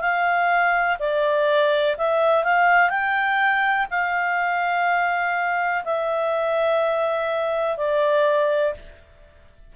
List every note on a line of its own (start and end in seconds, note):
0.00 0.97 F5
0.99 1.96 D5
1.97 2.44 E5
2.44 2.89 F5
2.89 3.86 G5
3.90 5.83 F5
5.84 7.77 E5
7.77 8.74 D5